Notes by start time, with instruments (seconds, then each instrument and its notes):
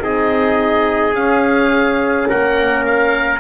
0.00 double bass C4, horn D#4, trumpet G#4, oboe D#5
1.14 double bass C#4, horn C#4, oboe F5
2.29 double bass A#3, trumpet A#4, oboe F#5
2.86 oboe F5